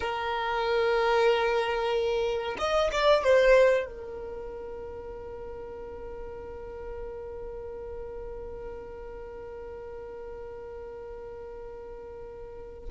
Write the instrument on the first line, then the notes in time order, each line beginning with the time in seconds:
violin
0.00 A#4
2.58 D#5
2.91 D5
3.23 C5
3.86 A#4